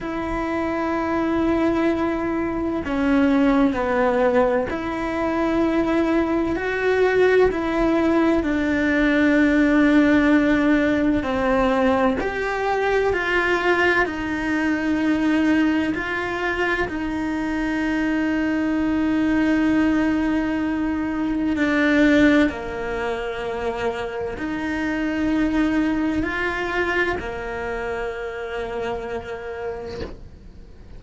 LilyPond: \new Staff \with { instrumentName = "cello" } { \time 4/4 \tempo 4 = 64 e'2. cis'4 | b4 e'2 fis'4 | e'4 d'2. | c'4 g'4 f'4 dis'4~ |
dis'4 f'4 dis'2~ | dis'2. d'4 | ais2 dis'2 | f'4 ais2. | }